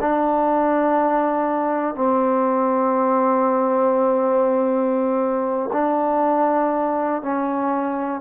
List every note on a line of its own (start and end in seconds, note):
0.00 1.95 D4
1.95 5.70 C4
5.72 7.22 D4
7.22 8.21 C#4